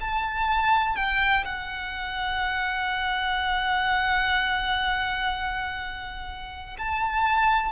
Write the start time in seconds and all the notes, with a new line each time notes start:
0.00 A5
0.95 G5
1.44 F#5
6.78 A5